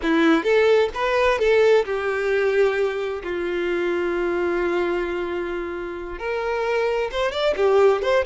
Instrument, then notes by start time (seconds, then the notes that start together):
violin
0.02 E4
0.43 A4
0.94 B4
1.38 A4
1.85 G4
3.23 F4
6.18 A#4
7.11 C5
7.31 D5
7.56 G4
8.02 C5